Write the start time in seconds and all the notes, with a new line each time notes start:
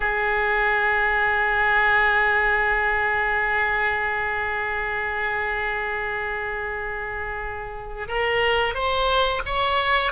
0.00 G#4
8.08 A#4
8.74 C5
9.45 C#5